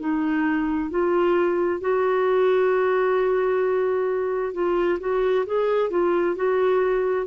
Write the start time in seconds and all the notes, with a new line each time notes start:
0.00 D#4
0.90 F4
1.81 F#4
4.54 F4
5.00 F#4
5.47 G#4
5.90 F4
6.36 F#4